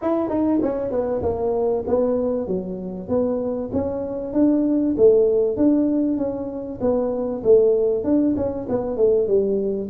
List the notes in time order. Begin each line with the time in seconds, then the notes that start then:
0.01 E4
0.29 D#4
0.62 C#4
0.91 B3
1.22 A#3
1.87 B3
2.47 F#3
3.08 B3
3.73 C#4
4.33 D4
4.97 A3
5.56 D4
6.17 C#4
6.80 B3
7.43 A3
8.04 D4
8.36 C#4
8.69 B3
8.96 A3
9.27 G3